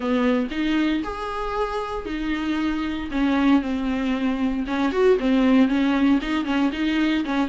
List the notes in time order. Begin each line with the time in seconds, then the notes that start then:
0.00 B3
0.51 D#4
1.03 G#4
2.05 D#4
3.11 C#4
3.61 C4
4.67 C#4
4.92 F#4
5.19 C4
5.68 C#4
6.21 D#4
6.44 C#4
6.72 D#4
7.24 C#4